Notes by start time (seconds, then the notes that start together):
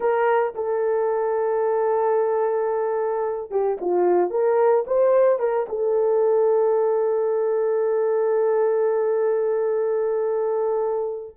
0.00 A#4
0.54 A4
3.51 G4
3.81 F4
4.30 A#4
4.86 C5
5.39 A#4
5.69 A4